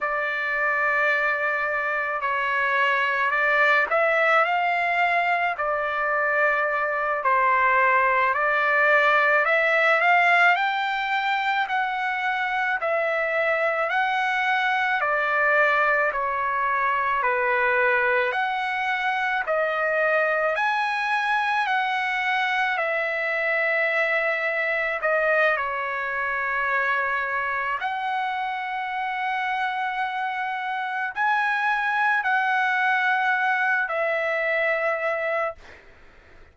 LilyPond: \new Staff \with { instrumentName = "trumpet" } { \time 4/4 \tempo 4 = 54 d''2 cis''4 d''8 e''8 | f''4 d''4. c''4 d''8~ | d''8 e''8 f''8 g''4 fis''4 e''8~ | e''8 fis''4 d''4 cis''4 b'8~ |
b'8 fis''4 dis''4 gis''4 fis''8~ | fis''8 e''2 dis''8 cis''4~ | cis''4 fis''2. | gis''4 fis''4. e''4. | }